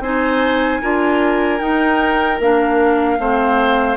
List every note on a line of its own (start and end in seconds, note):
0.00 0.79 C4
0.00 0.82 D#4
0.00 0.81 C5
0.00 1.60 G#5
0.81 1.61 D4
0.81 1.59 F4
0.81 3.18 A#4
1.59 2.38 D#4
1.59 2.39 D#4
1.59 2.39 G5
2.39 3.18 A#3
2.39 3.19 D4
2.39 3.97 F5
3.19 3.97 A3
3.19 3.97 C4
3.19 3.97 C5